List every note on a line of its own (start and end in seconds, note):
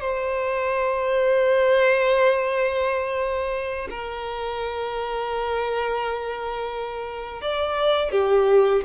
0.00 3.88 C5
3.90 7.41 A#4
7.41 8.11 D5
8.11 8.82 G4